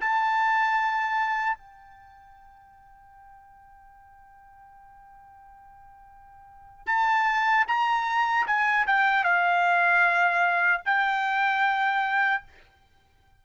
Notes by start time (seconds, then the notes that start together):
0.00 A5
1.57 G5
6.86 A5
7.67 A#5
8.46 G#5
8.87 G5
9.24 F5
10.85 G5